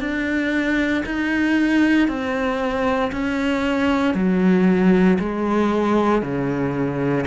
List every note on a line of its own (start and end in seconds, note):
0.00 1.03 D4
1.05 2.08 D#4
2.08 3.11 C4
3.12 4.14 C#4
4.14 5.18 F#3
5.19 6.22 G#3
6.22 7.25 C#3